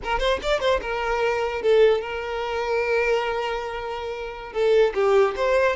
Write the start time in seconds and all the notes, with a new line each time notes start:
0.03 A#4
0.19 C5
0.42 D5
0.60 C5
0.81 A#4
1.61 A4
2.01 A#4
4.52 A4
4.94 G4
5.35 C5